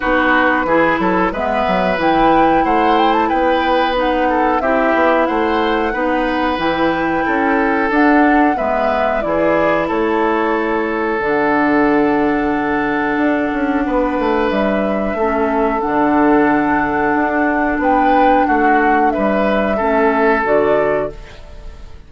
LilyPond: <<
  \new Staff \with { instrumentName = "flute" } { \time 4/4 \tempo 4 = 91 b'2 e''4 g''4 | fis''8 g''16 a''16 g''4 fis''4 e''4 | fis''2 g''2 | fis''4 e''4 d''4 cis''4~ |
cis''4 fis''2.~ | fis''2 e''2 | fis''2. g''4 | fis''4 e''2 d''4 | }
  \new Staff \with { instrumentName = "oboe" } { \time 4/4 fis'4 gis'8 a'8 b'2 | c''4 b'4. a'8 g'4 | c''4 b'2 a'4~ | a'4 b'4 gis'4 a'4~ |
a'1~ | a'4 b'2 a'4~ | a'2. b'4 | fis'4 b'4 a'2 | }
  \new Staff \with { instrumentName = "clarinet" } { \time 4/4 dis'4 e'4 b4 e'4~ | e'2 dis'4 e'4~ | e'4 dis'4 e'2 | d'4 b4 e'2~ |
e'4 d'2.~ | d'2. cis'4 | d'1~ | d'2 cis'4 fis'4 | }
  \new Staff \with { instrumentName = "bassoon" } { \time 4/4 b4 e8 fis8 gis8 fis8 e4 | a4 b2 c'8 b8 | a4 b4 e4 cis'4 | d'4 gis4 e4 a4~ |
a4 d2. | d'8 cis'8 b8 a8 g4 a4 | d2 d'4 b4 | a4 g4 a4 d4 | }
>>